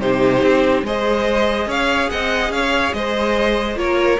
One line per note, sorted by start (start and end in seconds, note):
0.00 0.42 C3
0.00 0.85 D#4
0.00 0.86 G4
0.00 0.85 C5
0.42 0.83 C4
0.83 1.67 G#3
0.83 3.77 G#4
0.83 1.68 C5
0.83 1.71 D#5
1.67 2.08 C#4
1.67 2.10 C#5
1.67 2.10 F5
2.10 2.50 C4
2.10 2.54 D#5
2.10 2.52 F#5
2.50 2.92 C#4
2.50 2.95 C#5
2.50 2.94 F5
2.94 3.76 G#3
2.94 3.79 C5
2.94 3.78 D#5
3.76 4.18 A#3
3.76 4.19 F4
3.76 4.20 A#4
3.76 4.20 C#5